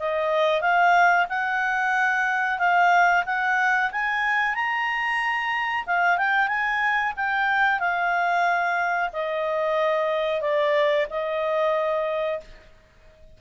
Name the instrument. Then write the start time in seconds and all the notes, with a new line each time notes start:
clarinet
0.00 D#5
0.62 F5
1.29 F#5
2.59 F5
3.26 F#5
3.92 G#5
4.55 A#5
5.87 F5
6.18 G5
6.48 G#5
7.17 G5
7.80 F5
9.13 D#5
10.42 D5
11.10 D#5